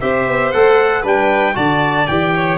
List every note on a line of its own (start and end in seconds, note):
0.00 0.27 C4
0.00 0.52 G4
0.00 1.02 C5
0.00 0.51 E5
0.27 0.53 B3
0.51 1.04 A3
0.51 1.03 A4
0.51 1.03 F#5
1.02 1.55 G3
1.02 1.54 D4
1.02 1.53 B4
1.02 1.56 G5
1.54 2.08 D3
1.54 2.05 F#4
1.54 2.33 D5
1.54 2.07 A5
2.07 2.57 E3
2.07 2.57 G4
2.07 2.57 G5
2.35 2.57 C#5